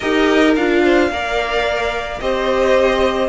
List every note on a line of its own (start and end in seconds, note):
0.00 0.56 D#4
0.00 0.56 G4
0.00 0.82 A#4
0.00 0.54 D#5
0.55 1.10 D4
0.55 1.12 F4
0.55 2.19 F5
0.83 1.10 C5
1.10 2.20 A#3
1.10 2.20 A#4
1.10 2.22 D5
2.19 3.28 C4
2.19 3.28 G4
2.19 3.28 C5
2.19 3.28 D#5